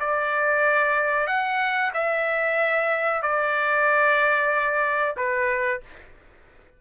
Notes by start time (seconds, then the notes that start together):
0.00 D5
1.27 F#5
1.94 E5
3.22 D5
5.17 B4